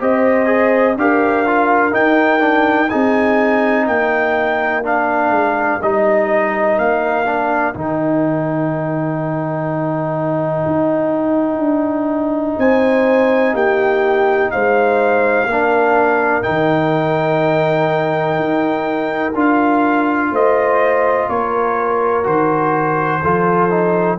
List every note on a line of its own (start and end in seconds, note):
0.00 0.97 C4
0.00 0.46 G4
0.00 0.97 C5
0.00 0.99 D#5
0.46 0.95 G#4
0.97 1.93 D4
0.97 1.47 G4
0.97 2.92 A#4
0.97 1.94 F5
1.47 1.92 F4
1.92 2.40 D#4
1.92 2.91 D#4
1.92 2.90 G5
2.40 2.89 D4
2.90 3.88 C4
2.90 4.84 D#4
2.90 3.85 G#4
2.90 3.86 G#5
3.85 5.30 A#3
3.85 12.56 A#4
3.85 4.84 G5
4.84 5.81 D4
4.84 5.83 F5
5.30 5.79 G#3
5.82 6.79 G3
5.82 7.26 D#4
5.82 6.79 D#5
6.79 7.75 A#3
6.79 7.76 F5
7.26 7.74 D4
7.74 10.66 D#3
7.74 15.49 D#4
7.74 12.59 G5
10.67 11.59 D#4
11.59 12.56 D4
12.59 13.54 C4
12.59 13.54 C5
12.59 13.56 G#5
13.54 14.51 A#3
13.54 14.51 G4
13.54 14.51 G5
14.51 15.46 G#3
14.51 15.50 C5
14.51 16.43 F5
15.46 16.43 A#3
15.46 20.32 A#4
15.52 16.43 D4
16.43 18.40 D#3
16.43 19.33 D#4
16.43 19.34 G5
18.40 19.34 D#4
19.34 20.31 D4
19.34 22.24 F4
19.34 20.35 F5
20.31 21.28 A3
20.31 21.29 C5
20.31 21.30 D#5
21.30 22.27 A#3
21.30 23.22 A#4
21.30 22.27 C#5
22.24 23.23 D#3
22.24 23.21 F#4
22.24 24.20 C5
23.22 24.20 F3
23.22 23.70 F4
23.22 24.19 A4
23.70 24.19 D#4